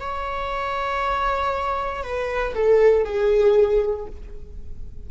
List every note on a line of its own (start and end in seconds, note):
0.00 2.03 C#5
2.03 2.54 B4
2.54 3.04 A4
3.04 4.06 G#4